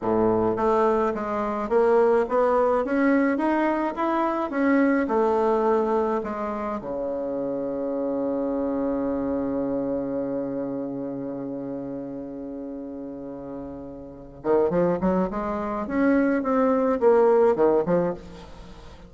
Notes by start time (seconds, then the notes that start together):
0.01 A2
0.56 A3
1.14 G#3
1.69 A#3
2.28 B3
2.84 C#4
3.37 D#4
3.95 E4
4.50 C#4
5.07 A3
6.23 G#3
6.80 C#3
14.43 D#3
14.70 F3
15.01 F#3
15.30 G#3
15.87 C#4
16.43 C4
16.99 A#3
17.55 D#3
17.85 F3